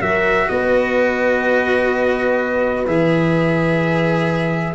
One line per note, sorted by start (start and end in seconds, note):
0.00 0.49 F#3
0.00 2.86 F#4
0.00 0.49 A#4
0.00 0.49 E5
0.49 2.87 B3
0.49 4.75 B4
0.49 2.87 D#5
2.87 4.75 E3
2.87 4.75 G#4
2.87 4.75 E5